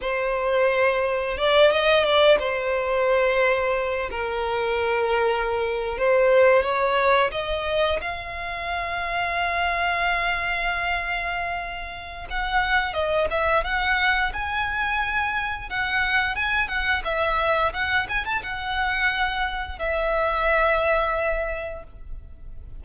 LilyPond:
\new Staff \with { instrumentName = "violin" } { \time 4/4 \tempo 4 = 88 c''2 d''8 dis''8 d''8 c''8~ | c''2 ais'2~ | ais'8. c''4 cis''4 dis''4 f''16~ | f''1~ |
f''2 fis''4 dis''8 e''8 | fis''4 gis''2 fis''4 | gis''8 fis''8 e''4 fis''8 gis''16 a''16 fis''4~ | fis''4 e''2. | }